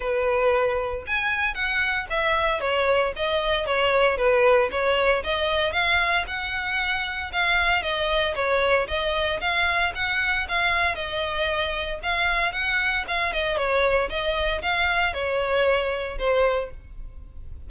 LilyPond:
\new Staff \with { instrumentName = "violin" } { \time 4/4 \tempo 4 = 115 b'2 gis''4 fis''4 | e''4 cis''4 dis''4 cis''4 | b'4 cis''4 dis''4 f''4 | fis''2 f''4 dis''4 |
cis''4 dis''4 f''4 fis''4 | f''4 dis''2 f''4 | fis''4 f''8 dis''8 cis''4 dis''4 | f''4 cis''2 c''4 | }